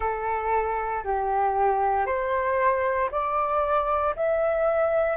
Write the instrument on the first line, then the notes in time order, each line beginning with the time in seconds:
flute
0.00 A4
1.03 G4
2.05 C5
3.11 D5
4.16 E5